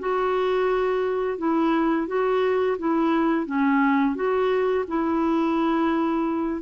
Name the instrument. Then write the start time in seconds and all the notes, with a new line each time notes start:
clarinet
0.00 F#4
1.39 E4
2.08 F#4
2.79 E4
3.46 C#4
4.15 F#4
4.88 E4